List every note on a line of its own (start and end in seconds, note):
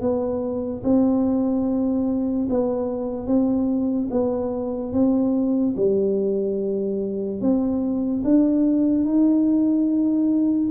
0.00 0.82 B3
0.83 2.48 C4
2.50 3.27 B3
3.27 4.09 C4
4.11 4.92 B3
4.92 5.75 C4
5.76 7.40 G3
7.40 8.23 C4
8.24 9.04 D4
9.04 10.69 D#4